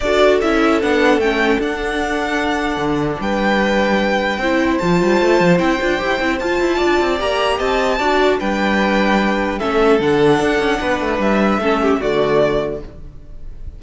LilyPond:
<<
  \new Staff \with { instrumentName = "violin" } { \time 4/4 \tempo 4 = 150 d''4 e''4 fis''4 g''4 | fis''1 | g''1 | a''2 g''2 |
a''2 ais''4 a''4~ | a''4 g''2. | e''4 fis''2. | e''2 d''2 | }
  \new Staff \with { instrumentName = "violin" } { \time 4/4 a'1~ | a'1 | b'2. c''4~ | c''1~ |
c''4 d''2 dis''4 | d''4 b'2. | a'2. b'4~ | b'4 a'8 g'8 fis'2 | }
  \new Staff \with { instrumentName = "viola" } { \time 4/4 fis'4 e'4 d'4 cis'4 | d'1~ | d'2. e'4 | f'2 e'8 f'8 g'8 e'8 |
f'2 g'2 | fis'4 d'2. | cis'4 d'2.~ | d'4 cis'4 a2 | }
  \new Staff \with { instrumentName = "cello" } { \time 4/4 d'4 cis'4 b4 a4 | d'2. d4 | g2. c'4 | f8 g8 a8 f8 c'8 d'8 e'8 c'8 |
f'8 e'8 d'8 c'8 ais4 c'4 | d'4 g2. | a4 d4 d'8 cis'8 b8 a8 | g4 a4 d2 | }
>>